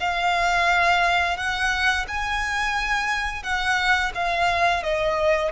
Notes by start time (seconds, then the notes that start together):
0.00 F5
1.37 F#5
2.08 G#5
3.43 F#5
4.15 F5
4.83 D#5